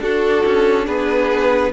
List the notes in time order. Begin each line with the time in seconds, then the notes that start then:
0.00 D4 F#4 A4
0.46 C#4
0.86 B3 G#4 B4